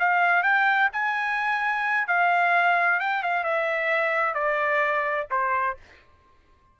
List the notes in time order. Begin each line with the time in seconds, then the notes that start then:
0.00 F5
0.44 G5
0.93 G#5
2.08 F5
3.00 G5
3.23 F5
3.44 E5
4.35 D5
5.31 C5